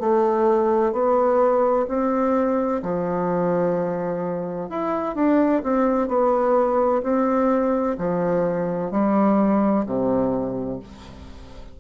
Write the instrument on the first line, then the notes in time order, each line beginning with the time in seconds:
bassoon
0.00 A3
0.92 B3
1.88 C4
2.83 F3
4.70 E4
5.16 D4
5.63 C4
6.08 B3
7.03 C4
7.98 F3
8.91 G3
9.86 C3